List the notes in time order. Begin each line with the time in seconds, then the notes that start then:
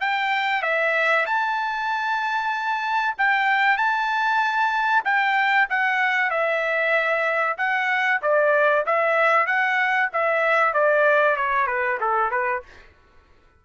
0.00 G5
0.62 E5
1.25 A5
3.18 G5
3.77 A5
5.04 G5
5.69 F#5
6.30 E5
7.57 F#5
8.22 D5
8.86 E5
9.46 F#5
10.13 E5
10.73 D5
11.36 C#5
11.67 B4
12.00 A4
12.30 B4